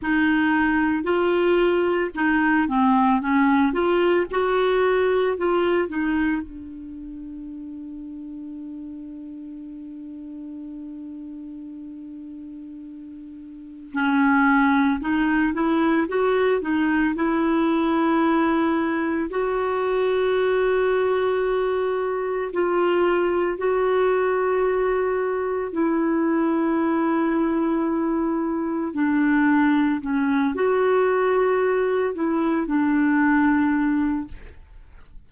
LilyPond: \new Staff \with { instrumentName = "clarinet" } { \time 4/4 \tempo 4 = 56 dis'4 f'4 dis'8 c'8 cis'8 f'8 | fis'4 f'8 dis'8 d'2~ | d'1~ | d'4 cis'4 dis'8 e'8 fis'8 dis'8 |
e'2 fis'2~ | fis'4 f'4 fis'2 | e'2. d'4 | cis'8 fis'4. e'8 d'4. | }